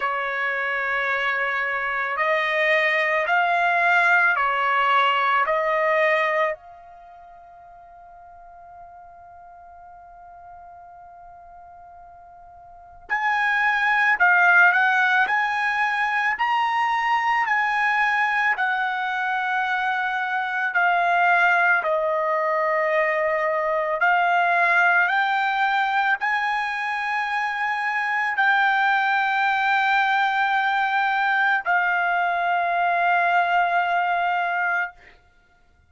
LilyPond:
\new Staff \with { instrumentName = "trumpet" } { \time 4/4 \tempo 4 = 55 cis''2 dis''4 f''4 | cis''4 dis''4 f''2~ | f''1 | gis''4 f''8 fis''8 gis''4 ais''4 |
gis''4 fis''2 f''4 | dis''2 f''4 g''4 | gis''2 g''2~ | g''4 f''2. | }